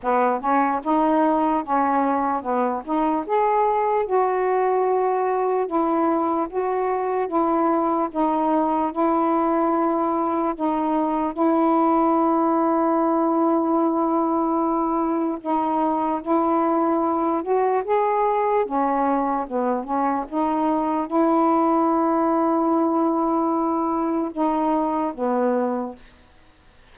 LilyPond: \new Staff \with { instrumentName = "saxophone" } { \time 4/4 \tempo 4 = 74 b8 cis'8 dis'4 cis'4 b8 dis'8 | gis'4 fis'2 e'4 | fis'4 e'4 dis'4 e'4~ | e'4 dis'4 e'2~ |
e'2. dis'4 | e'4. fis'8 gis'4 cis'4 | b8 cis'8 dis'4 e'2~ | e'2 dis'4 b4 | }